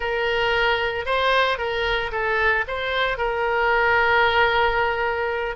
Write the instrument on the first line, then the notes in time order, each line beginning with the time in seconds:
oboe
0.00 A#4
1.05 C5
1.58 A#4
2.11 A4
2.67 C5
3.17 A#4